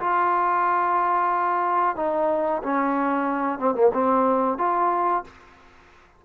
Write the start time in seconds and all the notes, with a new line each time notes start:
0.00 F4
1.96 D#4
2.63 C#4
3.59 C4
3.75 A#3
3.93 C4
4.58 F4